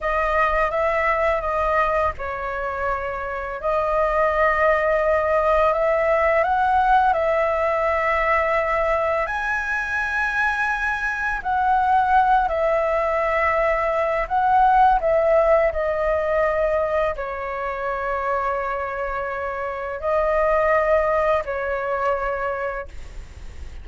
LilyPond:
\new Staff \with { instrumentName = "flute" } { \time 4/4 \tempo 4 = 84 dis''4 e''4 dis''4 cis''4~ | cis''4 dis''2. | e''4 fis''4 e''2~ | e''4 gis''2. |
fis''4. e''2~ e''8 | fis''4 e''4 dis''2 | cis''1 | dis''2 cis''2 | }